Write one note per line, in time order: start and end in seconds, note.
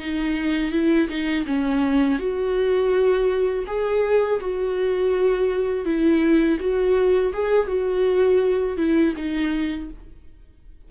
0.00 0.72 D#4
0.72 1.09 E4
1.09 1.46 D#4
1.47 2.19 C#4
2.19 3.65 F#4
3.67 4.40 G#4
4.41 5.85 F#4
5.85 6.59 E4
6.60 7.33 F#4
7.34 7.68 G#4
7.68 8.77 F#4
8.78 9.14 E4
9.17 9.90 D#4